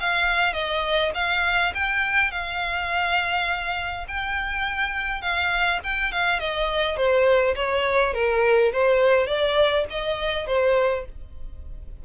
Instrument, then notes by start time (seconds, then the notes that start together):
violin
0.00 F5
0.53 D#5
1.15 F5
1.74 G5
2.31 F5
4.08 G5
5.22 F5
5.84 G5
6.12 F5
6.40 D#5
6.97 C5
7.56 C#5
8.14 A#4
8.73 C5
9.27 D5
9.90 D#5
10.47 C5